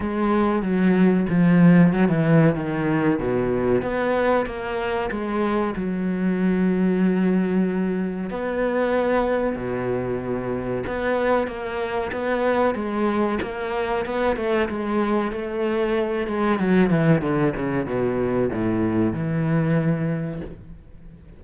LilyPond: \new Staff \with { instrumentName = "cello" } { \time 4/4 \tempo 4 = 94 gis4 fis4 f4 fis16 e8. | dis4 b,4 b4 ais4 | gis4 fis2.~ | fis4 b2 b,4~ |
b,4 b4 ais4 b4 | gis4 ais4 b8 a8 gis4 | a4. gis8 fis8 e8 d8 cis8 | b,4 a,4 e2 | }